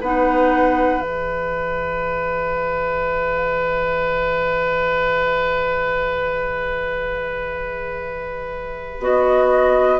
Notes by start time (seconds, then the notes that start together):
0.00 B3 D#4 B4 F#5
0.99 E3 G#4 E5
8.99 B3 F#4 D#5